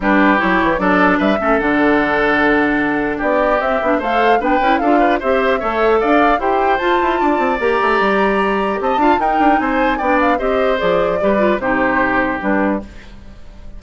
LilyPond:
<<
  \new Staff \with { instrumentName = "flute" } { \time 4/4 \tempo 4 = 150 b'4 cis''4 d''4 e''4 | fis''1 | d''4 e''4 f''4 g''4 | f''4 e''2 f''4 |
g''4 a''2 ais''4~ | ais''2 a''4 g''4 | gis''4 g''8 f''8 dis''4 d''4~ | d''4 c''2 b'4 | }
  \new Staff \with { instrumentName = "oboe" } { \time 4/4 g'2 a'4 b'8 a'8~ | a'1 | g'2 c''4 b'4 | a'8 b'8 c''4 cis''4 d''4 |
c''2 d''2~ | d''2 dis''8 f''8 ais'4 | c''4 d''4 c''2 | b'4 g'2. | }
  \new Staff \with { instrumentName = "clarinet" } { \time 4/4 d'4 e'4 d'4. cis'8 | d'1~ | d'4 c'8 d'8 a'4 d'8 e'8 | f'4 g'4 a'2 |
g'4 f'2 g'4~ | g'2~ g'8 f'8 dis'4~ | dis'4 d'4 g'4 gis'4 | g'8 f'8 dis'2 d'4 | }
  \new Staff \with { instrumentName = "bassoon" } { \time 4/4 g4 fis8 e8 fis4 g8 a8 | d1 | b4 c'8 b8 a4 b8 cis'8 | d'4 c'4 a4 d'4 |
e'4 f'8 e'8 d'8 c'8 ais8 a8 | g2 c'8 d'8 dis'8 d'8 | c'4 b4 c'4 f4 | g4 c2 g4 | }
>>